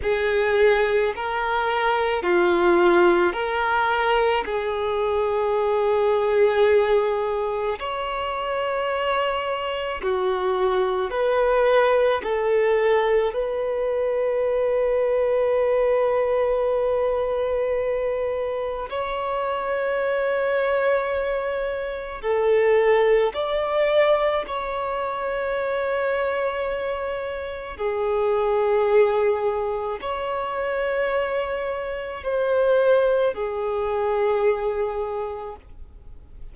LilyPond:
\new Staff \with { instrumentName = "violin" } { \time 4/4 \tempo 4 = 54 gis'4 ais'4 f'4 ais'4 | gis'2. cis''4~ | cis''4 fis'4 b'4 a'4 | b'1~ |
b'4 cis''2. | a'4 d''4 cis''2~ | cis''4 gis'2 cis''4~ | cis''4 c''4 gis'2 | }